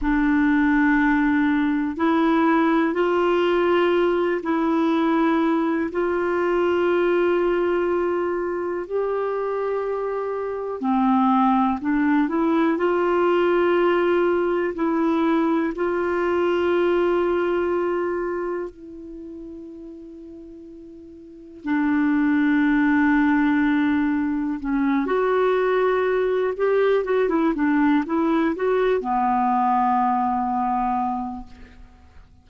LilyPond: \new Staff \with { instrumentName = "clarinet" } { \time 4/4 \tempo 4 = 61 d'2 e'4 f'4~ | f'8 e'4. f'2~ | f'4 g'2 c'4 | d'8 e'8 f'2 e'4 |
f'2. e'4~ | e'2 d'2~ | d'4 cis'8 fis'4. g'8 fis'16 e'16 | d'8 e'8 fis'8 b2~ b8 | }